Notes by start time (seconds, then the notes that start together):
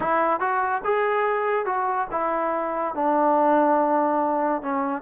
0.00 E4
0.39 F#4
0.84 G#4
1.65 F#4
2.11 E4
2.94 D4
4.62 C#4